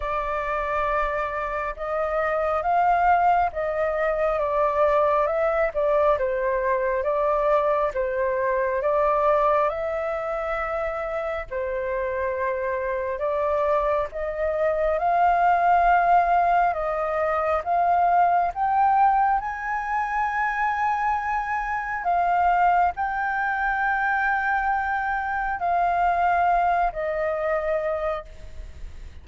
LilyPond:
\new Staff \with { instrumentName = "flute" } { \time 4/4 \tempo 4 = 68 d''2 dis''4 f''4 | dis''4 d''4 e''8 d''8 c''4 | d''4 c''4 d''4 e''4~ | e''4 c''2 d''4 |
dis''4 f''2 dis''4 | f''4 g''4 gis''2~ | gis''4 f''4 g''2~ | g''4 f''4. dis''4. | }